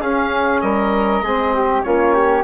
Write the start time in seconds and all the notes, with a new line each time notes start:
0.00 C#4 G#4 F5
0.61 G3 A#4 D#5
1.21 G#3 C4 G#4
1.54 G4
1.82 A#3 C#4 F4 C#5
2.14 G4